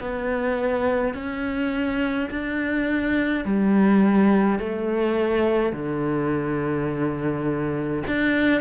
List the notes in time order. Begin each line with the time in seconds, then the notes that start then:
0.00 B3
1.14 C#4
2.30 D4
3.45 G3
4.59 A3
5.72 D3
8.07 D4